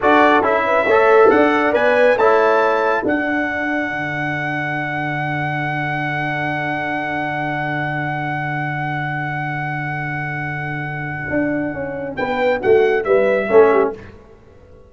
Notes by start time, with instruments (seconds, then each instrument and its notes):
0.00 tuba D4, trombone F#4, horn A4, trumpet D5
0.41 tuba C#4, trombone E4, trumpet E5
0.65 horn B4
0.86 tuba A3, trombone A4, horn C#5
1.30 tuba D4, horn D5, trumpet F#5
1.73 tuba B3, trombone B4, trumpet G#5
2.15 tuba A3, trombone E4, horn C#5, trumpet A5
3.04 tuba D4, trombone D4, horn A4, trumpet F#5
3.90 tuba D3
11.30 tuba D4
11.73 tuba C#4
12.16 tuba B3, horn B4, trumpet G5
12.60 tuba A3, horn F#4, trumpet F#5
13.03 tuba G3, horn B4, trumpet E5
13.49 tuba A3, trombone C#4, horn A4
13.71 horn G4